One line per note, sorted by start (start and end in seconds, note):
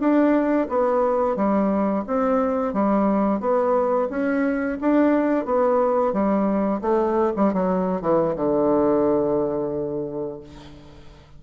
0.00 0.68 D4
0.69 1.36 B3
1.36 2.05 G3
2.07 2.74 C4
2.74 3.41 G3
3.41 4.09 B3
4.10 4.78 C#4
4.81 5.45 D4
5.45 6.13 B3
6.13 6.81 G3
6.82 7.33 A3
7.36 7.53 G3
7.53 8.01 F#3
8.01 8.36 E3
8.36 10.40 D3